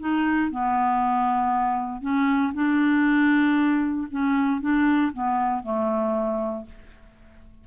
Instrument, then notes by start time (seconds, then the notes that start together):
clarinet
0.00 D#4
0.51 B3
2.02 C#4
2.54 D4
4.11 C#4
4.61 D4
5.13 B3
5.63 A3